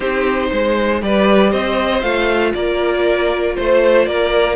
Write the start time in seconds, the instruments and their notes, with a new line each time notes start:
0.00 cello C4, viola D#4, violin G4 C5
0.51 cello G#3, violin C5
1.01 cello G3, viola G4, violin B4 D5
1.50 cello C4, violin C5 D#5
2.01 cello A3, viola F4, violin F5
2.54 cello A#3, violin A#4 D5
3.55 cello A3, violin C5
4.05 cello A#3, violin A#4 D5